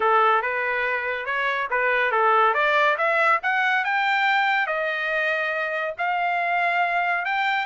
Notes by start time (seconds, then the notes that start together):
0.00 A4
0.42 B4
1.25 C#5
1.70 B4
2.11 A4
2.54 D5
2.97 E5
3.43 F#5
3.84 G5
4.67 D#5
5.98 F5
7.25 G5